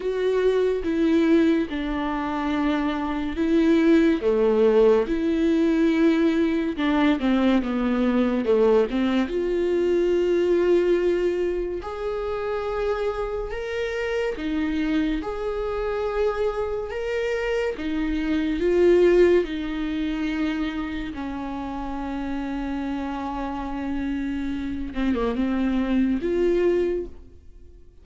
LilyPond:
\new Staff \with { instrumentName = "viola" } { \time 4/4 \tempo 4 = 71 fis'4 e'4 d'2 | e'4 a4 e'2 | d'8 c'8 b4 a8 c'8 f'4~ | f'2 gis'2 |
ais'4 dis'4 gis'2 | ais'4 dis'4 f'4 dis'4~ | dis'4 cis'2.~ | cis'4. c'16 ais16 c'4 f'4 | }